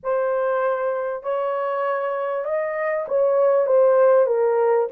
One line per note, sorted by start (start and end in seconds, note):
0.03 1.23 C5
1.23 2.44 C#5
2.44 3.06 D#5
3.08 3.66 C#5
3.66 4.26 C5
4.26 4.87 A#4